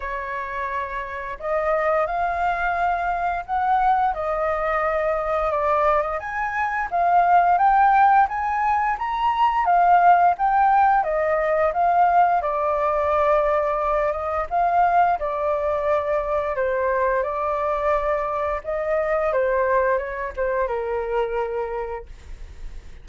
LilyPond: \new Staff \with { instrumentName = "flute" } { \time 4/4 \tempo 4 = 87 cis''2 dis''4 f''4~ | f''4 fis''4 dis''2 | d''8. dis''16 gis''4 f''4 g''4 | gis''4 ais''4 f''4 g''4 |
dis''4 f''4 d''2~ | d''8 dis''8 f''4 d''2 | c''4 d''2 dis''4 | c''4 cis''8 c''8 ais'2 | }